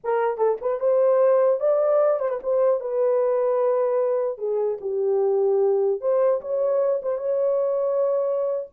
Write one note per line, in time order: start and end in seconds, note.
0.04 0.37 A#4
0.37 0.57 A4
0.61 0.80 B4
0.80 1.59 C5
1.59 2.19 D5
2.19 2.29 C5
2.29 2.39 B4
2.42 2.80 C5
2.80 4.38 B4
4.38 4.78 G#4
4.80 6.00 G4
6.00 6.40 C5
6.41 7.01 C#5
7.02 7.17 C5
7.17 8.67 C#5